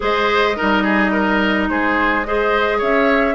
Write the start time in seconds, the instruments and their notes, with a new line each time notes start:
0.00 bassoon G#3, clarinet G#4, oboe C5, flute D#5
0.56 bassoon G3, clarinet D#4, oboe A#4
0.83 oboe G#4
1.12 oboe A#4
1.69 bassoon G#3, oboe G#4, flute C5
2.23 clarinet G#4, oboe C5, flute D#5
2.77 bassoon C#4, oboe C#5, flute E5